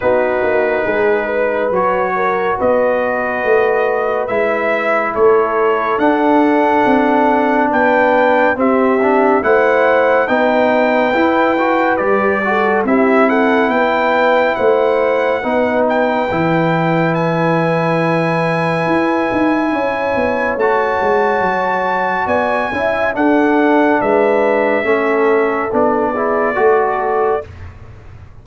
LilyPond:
<<
  \new Staff \with { instrumentName = "trumpet" } { \time 4/4 \tempo 4 = 70 b'2 cis''4 dis''4~ | dis''4 e''4 cis''4 fis''4~ | fis''4 g''4 e''4 fis''4 | g''2 d''4 e''8 fis''8 |
g''4 fis''4. g''4. | gis''1 | a''2 gis''4 fis''4 | e''2 d''2 | }
  \new Staff \with { instrumentName = "horn" } { \time 4/4 fis'4 gis'8 b'4 ais'8 b'4~ | b'2 a'2~ | a'4 b'4 g'4 c''4 | b'2~ b'8 a'8 g'8 a'8 |
b'4 c''4 b'2~ | b'2. cis''4~ | cis''2 d''8 e''8 a'4 | b'4 a'4. gis'8 a'4 | }
  \new Staff \with { instrumentName = "trombone" } { \time 4/4 dis'2 fis'2~ | fis'4 e'2 d'4~ | d'2 c'8 d'8 e'4 | dis'4 e'8 fis'8 g'8 fis'8 e'4~ |
e'2 dis'4 e'4~ | e'1 | fis'2~ fis'8 e'8 d'4~ | d'4 cis'4 d'8 e'8 fis'4 | }
  \new Staff \with { instrumentName = "tuba" } { \time 4/4 b8 ais8 gis4 fis4 b4 | a4 gis4 a4 d'4 | c'4 b4 c'4 a4 | b4 e'4 g4 c'4 |
b4 a4 b4 e4~ | e2 e'8 dis'8 cis'8 b8 | a8 gis8 fis4 b8 cis'8 d'4 | gis4 a4 b4 a4 | }
>>